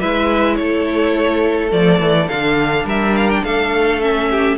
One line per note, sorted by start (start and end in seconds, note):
0.00 0.59 G#3
0.00 1.70 E4
0.00 0.57 B4
0.00 0.56 E5
0.56 1.72 A3
0.56 2.86 A4
0.56 1.70 C#5
1.70 1.99 F3
1.70 2.27 A3
1.70 2.28 D5
1.99 2.28 E3
2.28 2.84 D3
2.28 4.02 D4
2.28 2.86 F5
2.84 3.42 G3
2.84 3.43 A#4
2.84 3.17 E5
3.17 3.30 F5
3.30 3.44 G5
3.43 4.57 A3
3.43 4.29 A4
3.43 4.01 F5
4.01 4.57 C#4
4.01 4.57 E5
4.31 4.57 G4